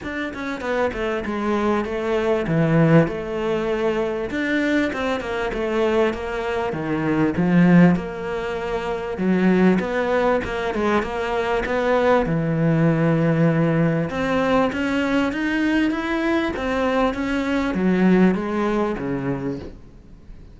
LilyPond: \new Staff \with { instrumentName = "cello" } { \time 4/4 \tempo 4 = 98 d'8 cis'8 b8 a8 gis4 a4 | e4 a2 d'4 | c'8 ais8 a4 ais4 dis4 | f4 ais2 fis4 |
b4 ais8 gis8 ais4 b4 | e2. c'4 | cis'4 dis'4 e'4 c'4 | cis'4 fis4 gis4 cis4 | }